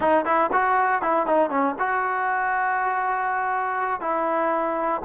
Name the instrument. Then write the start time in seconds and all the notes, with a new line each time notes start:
trombone
0.00 D#4
0.25 E4
0.52 F#4
1.02 E4
1.26 D#4
1.50 C#4
1.78 F#4
4.00 E4